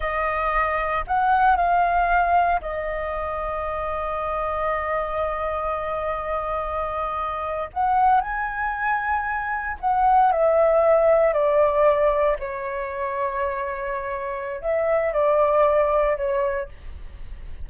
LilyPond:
\new Staff \with { instrumentName = "flute" } { \time 4/4 \tempo 4 = 115 dis''2 fis''4 f''4~ | f''4 dis''2.~ | dis''1~ | dis''2~ dis''8. fis''4 gis''16~ |
gis''2~ gis''8. fis''4 e''16~ | e''4.~ e''16 d''2 cis''16~ | cis''1 | e''4 d''2 cis''4 | }